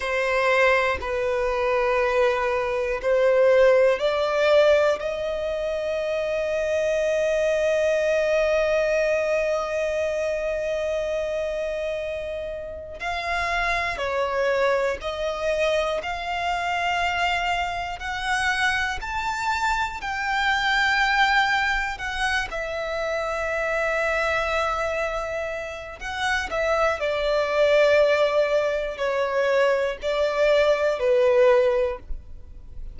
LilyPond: \new Staff \with { instrumentName = "violin" } { \time 4/4 \tempo 4 = 60 c''4 b'2 c''4 | d''4 dis''2.~ | dis''1~ | dis''4 f''4 cis''4 dis''4 |
f''2 fis''4 a''4 | g''2 fis''8 e''4.~ | e''2 fis''8 e''8 d''4~ | d''4 cis''4 d''4 b'4 | }